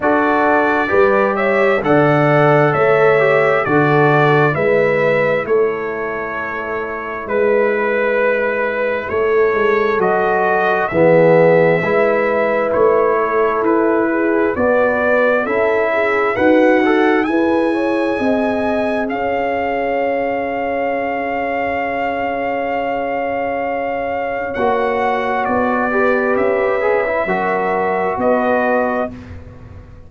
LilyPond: <<
  \new Staff \with { instrumentName = "trumpet" } { \time 4/4 \tempo 4 = 66 d''4. e''8 fis''4 e''4 | d''4 e''4 cis''2 | b'2 cis''4 dis''4 | e''2 cis''4 b'4 |
d''4 e''4 fis''4 gis''4~ | gis''4 f''2.~ | f''2. fis''4 | d''4 e''2 dis''4 | }
  \new Staff \with { instrumentName = "horn" } { \time 4/4 a'4 b'8 cis''8 d''4 cis''4 | a'4 b'4 a'2 | b'2 a'2 | gis'4 b'4. a'4 gis'8 |
b'4 a'8 gis'8 fis'4 b'8 cis''8 | dis''4 cis''2.~ | cis''1~ | cis''8 b'4. ais'4 b'4 | }
  \new Staff \with { instrumentName = "trombone" } { \time 4/4 fis'4 g'4 a'4. g'8 | fis'4 e'2.~ | e'2. fis'4 | b4 e'2. |
fis'4 e'4 b'8 a'8 gis'4~ | gis'1~ | gis'2. fis'4~ | fis'8 g'4 gis'16 e'16 fis'2 | }
  \new Staff \with { instrumentName = "tuba" } { \time 4/4 d'4 g4 d4 a4 | d4 gis4 a2 | gis2 a8 gis8 fis4 | e4 gis4 a4 e'4 |
b4 cis'4 dis'4 e'4 | c'4 cis'2.~ | cis'2. ais4 | b4 cis'4 fis4 b4 | }
>>